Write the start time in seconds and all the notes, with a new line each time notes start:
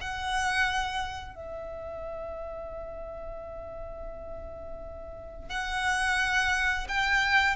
0.00 F#5
1.35 E5
5.49 F#5
6.88 G5